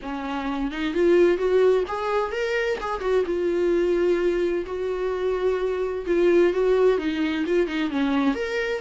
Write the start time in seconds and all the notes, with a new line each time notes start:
0.01 C#4
0.71 D#4
0.94 F4
1.37 F#4
1.87 G#4
2.31 A#4
2.80 G#4
3.00 F#4
3.25 F4
4.66 F#4
6.06 F4
6.53 F#4
6.98 D#4
7.46 F4
7.67 D#4
7.90 C#4
8.35 A#4